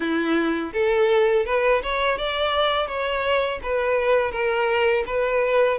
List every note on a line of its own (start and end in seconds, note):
0.00 0.72 E4
0.73 1.45 A4
1.45 1.81 B4
1.82 2.18 C#5
2.18 2.87 D5
2.87 3.59 C#5
3.62 4.31 B4
4.31 5.04 A#4
5.06 5.78 B4